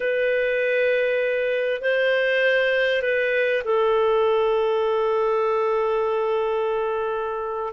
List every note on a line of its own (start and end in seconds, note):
0.00 1.81 B4
1.81 3.02 C5
3.02 3.62 B4
3.64 7.73 A4